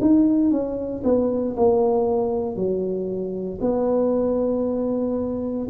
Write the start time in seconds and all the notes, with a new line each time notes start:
0.00 D#4
0.51 C#4
1.03 B3
1.56 A#3
2.55 F#3
3.61 B3